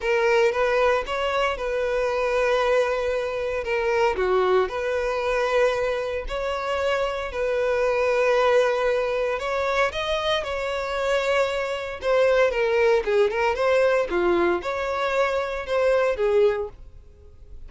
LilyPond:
\new Staff \with { instrumentName = "violin" } { \time 4/4 \tempo 4 = 115 ais'4 b'4 cis''4 b'4~ | b'2. ais'4 | fis'4 b'2. | cis''2 b'2~ |
b'2 cis''4 dis''4 | cis''2. c''4 | ais'4 gis'8 ais'8 c''4 f'4 | cis''2 c''4 gis'4 | }